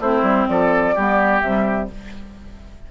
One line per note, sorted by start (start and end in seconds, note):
0.00 0.23 A3
0.00 0.97 C4
0.00 0.48 E4
0.00 0.49 C5
0.23 0.46 G3
0.49 0.96 F3
0.49 0.95 A4
0.49 1.41 D5
0.95 1.43 G3
0.95 1.44 B3
0.95 1.89 G4
1.41 1.90 C3
1.41 1.91 G3
1.41 1.88 E5